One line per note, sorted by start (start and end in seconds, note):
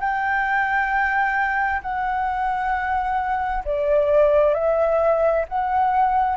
0.00 1.82 G5
1.82 3.64 F#5
3.64 4.54 D5
4.54 5.45 E5
5.48 6.37 F#5